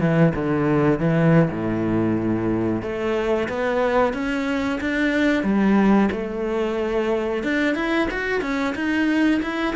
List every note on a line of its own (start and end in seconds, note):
0.00 0.33 E3
0.35 0.99 D3
0.99 1.49 E3
1.51 2.82 A2
2.82 3.48 A3
3.48 4.14 B3
4.14 4.80 C#4
4.81 5.43 D4
5.43 6.09 G3
6.11 7.43 A3
7.43 7.75 D4
7.75 8.08 E4
8.11 8.42 F#4
8.42 8.75 C#4
8.75 9.41 D#4
9.42 9.75 E4